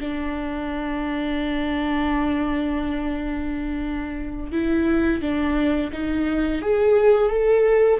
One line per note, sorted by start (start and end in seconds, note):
0.00 4.52 D4
4.52 5.21 E4
5.21 5.91 D4
5.92 6.62 D#4
6.62 7.30 G#4
7.30 7.99 A4